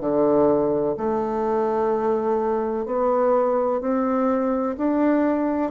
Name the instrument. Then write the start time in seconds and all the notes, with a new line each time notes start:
bassoon
0.00 D3
0.97 A3
2.85 B3
3.81 C4
4.77 D4